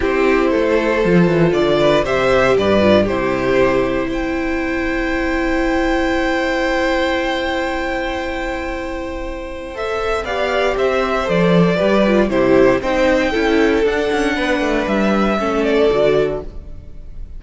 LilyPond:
<<
  \new Staff \with { instrumentName = "violin" } { \time 4/4 \tempo 4 = 117 c''2. d''4 | e''4 d''4 c''2 | g''1~ | g''1~ |
g''2. e''4 | f''4 e''4 d''2 | c''4 g''2 fis''4~ | fis''4 e''4. d''4. | }
  \new Staff \with { instrumentName = "violin" } { \time 4/4 g'4 a'2~ a'8 b'8 | c''4 b'4 g'2 | c''1~ | c''1~ |
c''1 | d''4 c''2 b'4 | g'4 c''4 a'2 | b'2 a'2 | }
  \new Staff \with { instrumentName = "viola" } { \time 4/4 e'2 f'2 | g'4. f'8 e'2~ | e'1~ | e'1~ |
e'2. a'4 | g'2 a'4 g'8 f'8 | e'4 dis'4 e'4 d'4~ | d'2 cis'4 fis'4 | }
  \new Staff \with { instrumentName = "cello" } { \time 4/4 c'4 a4 f8 e8 d4 | c4 g,4 c2 | c'1~ | c'1~ |
c'1 | b4 c'4 f4 g4 | c4 c'4 cis'4 d'8 cis'8 | b8 a8 g4 a4 d4 | }
>>